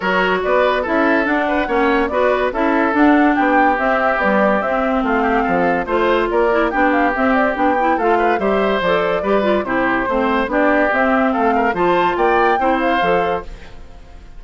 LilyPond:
<<
  \new Staff \with { instrumentName = "flute" } { \time 4/4 \tempo 4 = 143 cis''4 d''4 e''4 fis''4~ | fis''4 d''4 e''4 fis''4 | g''4 e''4 d''4 e''4 | f''2 c''4 d''4 |
g''8 f''8 e''8 d''8 g''4 f''4 | e''4 d''2 c''4~ | c''4 d''4 e''4 f''4 | a''4 g''4. f''4. | }
  \new Staff \with { instrumentName = "oboe" } { \time 4/4 ais'4 b'4 a'4. b'8 | cis''4 b'4 a'2 | g'1 | f'8 g'8 a'4 c''4 ais'4 |
g'2. a'8 b'8 | c''2 b'4 g'4 | c''4 g'2 a'8 ais'8 | c''4 d''4 c''2 | }
  \new Staff \with { instrumentName = "clarinet" } { \time 4/4 fis'2 e'4 d'4 | cis'4 fis'4 e'4 d'4~ | d'4 c'4 g4 c'4~ | c'2 f'4. e'8 |
d'4 c'4 d'8 e'8 f'4 | g'4 a'4 g'8 f'8 e'4 | c'4 d'4 c'2 | f'2 e'4 a'4 | }
  \new Staff \with { instrumentName = "bassoon" } { \time 4/4 fis4 b4 cis'4 d'4 | ais4 b4 cis'4 d'4 | b4 c'4 b4 c'4 | a4 f4 a4 ais4 |
b4 c'4 b4 a4 | g4 f4 g4 c4 | a4 b4 c'4 a4 | f4 ais4 c'4 f4 | }
>>